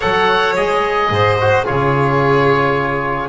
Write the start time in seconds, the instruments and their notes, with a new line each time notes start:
0.00 double bass F#3, trombone A4, violin C#5, oboe F#5
0.56 double bass G#3, trombone G#4, oboe D#5
1.09 double bass G#2, violin C5
1.40 trombone F#4
1.64 double bass C#3, trombone F4, violin G#4, oboe C#5